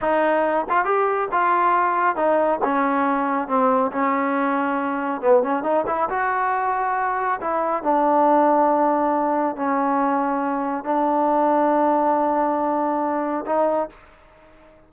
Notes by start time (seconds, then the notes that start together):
0.01 D#4
0.69 F4
0.84 G4
1.31 F4
2.16 D#4
2.63 C#4
3.47 C4
3.91 C#4
5.21 B3
5.42 C#4
5.63 D#4
5.87 E4
6.09 F#4
7.40 E4
7.83 D4
9.56 C#4
10.84 D4
13.45 D#4